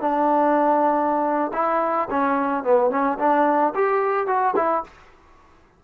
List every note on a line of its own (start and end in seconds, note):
0.00 1.51 D4
1.53 2.08 E4
2.10 2.63 C#4
2.63 2.90 B3
2.90 3.18 C#4
3.19 3.74 D4
3.75 4.27 G4
4.27 4.54 F#4
4.56 4.83 E4